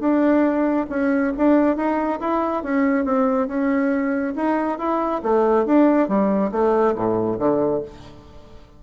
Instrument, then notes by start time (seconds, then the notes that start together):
bassoon
0.00 D4
0.90 C#4
1.38 D4
1.76 D#4
2.20 E4
2.63 C#4
3.05 C4
3.48 C#4
4.36 D#4
4.79 E4
5.23 A3
5.66 D4
6.08 G3
6.52 A3
6.95 A2
7.39 D3